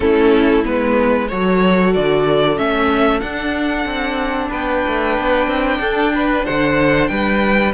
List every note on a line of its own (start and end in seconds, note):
0.00 0.64 A3
0.00 0.64 C#4
0.00 1.29 E4
0.00 0.64 A4
0.64 1.31 G#3
0.64 1.28 B3
0.64 1.28 B4
1.28 1.96 F#3
1.28 2.56 F#4
1.28 4.49 A4
1.28 1.93 C#5
1.93 2.58 D3
1.93 2.58 D5
2.56 3.22 A3
2.56 3.21 C#4
2.56 3.20 E5
3.20 3.85 D4
3.20 7.73 D4
3.20 4.49 F#5
3.85 4.49 C4
4.49 4.83 B3
4.49 5.78 B4
4.49 6.45 G5
4.87 5.18 A3
5.18 5.47 B3
5.47 5.78 C4
5.78 6.43 D4
5.78 6.13 A4
6.14 6.45 B4
6.45 7.09 D3
6.45 7.10 C5
6.45 7.07 F#5
7.07 7.73 G3
7.07 7.73 B4
7.07 7.72 G5